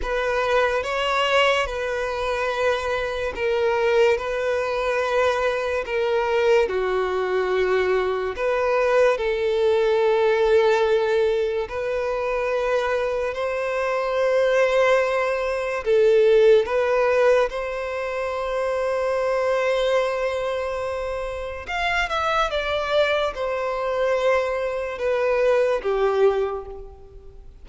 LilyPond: \new Staff \with { instrumentName = "violin" } { \time 4/4 \tempo 4 = 72 b'4 cis''4 b'2 | ais'4 b'2 ais'4 | fis'2 b'4 a'4~ | a'2 b'2 |
c''2. a'4 | b'4 c''2.~ | c''2 f''8 e''8 d''4 | c''2 b'4 g'4 | }